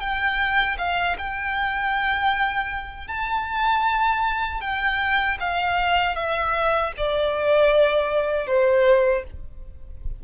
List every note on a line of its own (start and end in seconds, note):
0.00 0.77 G5
0.78 1.17 F5
1.18 3.08 G5
3.08 4.61 A5
4.61 5.38 G5
5.40 6.16 F5
6.16 6.93 E5
6.97 8.47 D5
8.47 9.24 C5